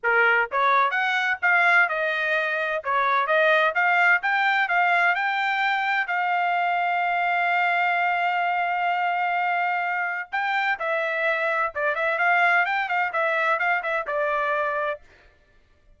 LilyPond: \new Staff \with { instrumentName = "trumpet" } { \time 4/4 \tempo 4 = 128 ais'4 cis''4 fis''4 f''4 | dis''2 cis''4 dis''4 | f''4 g''4 f''4 g''4~ | g''4 f''2.~ |
f''1~ | f''2 g''4 e''4~ | e''4 d''8 e''8 f''4 g''8 f''8 | e''4 f''8 e''8 d''2 | }